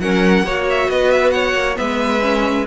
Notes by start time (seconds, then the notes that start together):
0.00 F#3 C#4 A#4 F#5
0.44 A#3 F#4 C#5
0.70 E5
0.89 B3 B4 D#5
1.11 E5
1.31 C#5 F#5
1.55 A#3
1.76 G#3 B3 B4 E5
2.21 C#4